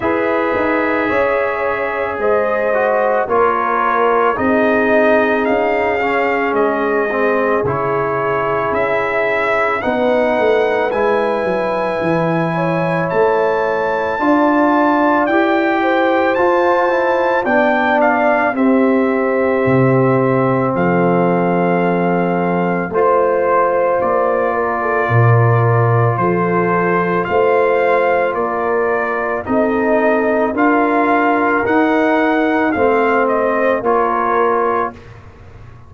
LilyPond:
<<
  \new Staff \with { instrumentName = "trumpet" } { \time 4/4 \tempo 4 = 55 e''2 dis''4 cis''4 | dis''4 f''4 dis''4 cis''4 | e''4 fis''4 gis''2 | a''2 g''4 a''4 |
g''8 f''8 e''2 f''4~ | f''4 c''4 d''2 | c''4 f''4 d''4 dis''4 | f''4 fis''4 f''8 dis''8 cis''4 | }
  \new Staff \with { instrumentName = "horn" } { \time 4/4 b'4 cis''4 c''4 ais'4 | gis'1~ | gis'4 b'2~ b'8 cis''8~ | cis''4 d''4. c''4. |
d''4 g'2 a'4~ | a'4 c''4. ais'16 a'16 ais'4 | a'4 c''4 ais'4 a'4 | ais'2 c''4 ais'4 | }
  \new Staff \with { instrumentName = "trombone" } { \time 4/4 gis'2~ gis'8 fis'8 f'4 | dis'4. cis'4 c'8 e'4~ | e'4 dis'4 e'2~ | e'4 f'4 g'4 f'8 e'8 |
d'4 c'2.~ | c'4 f'2.~ | f'2. dis'4 | f'4 dis'4 c'4 f'4 | }
  \new Staff \with { instrumentName = "tuba" } { \time 4/4 e'8 dis'8 cis'4 gis4 ais4 | c'4 cis'4 gis4 cis4 | cis'4 b8 a8 gis8 fis8 e4 | a4 d'4 e'4 f'4 |
b4 c'4 c4 f4~ | f4 a4 ais4 ais,4 | f4 a4 ais4 c'4 | d'4 dis'4 a4 ais4 | }
>>